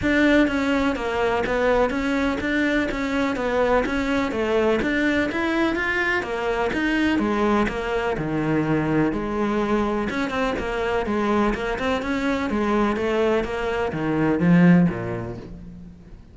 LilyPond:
\new Staff \with { instrumentName = "cello" } { \time 4/4 \tempo 4 = 125 d'4 cis'4 ais4 b4 | cis'4 d'4 cis'4 b4 | cis'4 a4 d'4 e'4 | f'4 ais4 dis'4 gis4 |
ais4 dis2 gis4~ | gis4 cis'8 c'8 ais4 gis4 | ais8 c'8 cis'4 gis4 a4 | ais4 dis4 f4 ais,4 | }